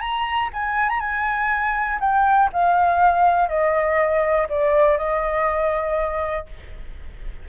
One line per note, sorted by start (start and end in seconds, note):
0.00 0.50 A#5
0.53 0.89 G#5
0.89 1.00 A#5
1.00 1.99 G#5
2.00 2.50 G5
2.53 3.48 F5
3.48 4.48 D#5
4.49 4.98 D5
4.98 6.46 D#5